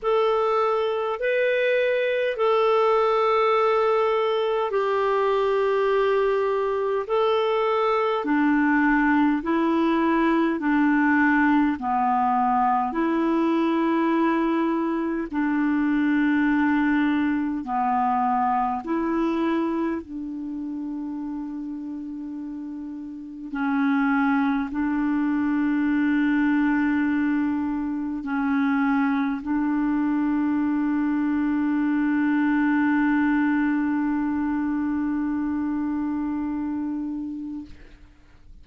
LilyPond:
\new Staff \with { instrumentName = "clarinet" } { \time 4/4 \tempo 4 = 51 a'4 b'4 a'2 | g'2 a'4 d'4 | e'4 d'4 b4 e'4~ | e'4 d'2 b4 |
e'4 d'2. | cis'4 d'2. | cis'4 d'2.~ | d'1 | }